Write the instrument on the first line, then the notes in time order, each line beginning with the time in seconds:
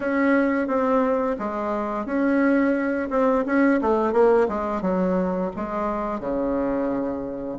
bassoon
0.00 C#4
0.67 C4
1.38 G#3
2.05 C#4
3.10 C4
3.45 C#4
3.81 A3
4.13 A#3
4.48 G#3
4.81 F#3
5.55 G#3
6.19 C#3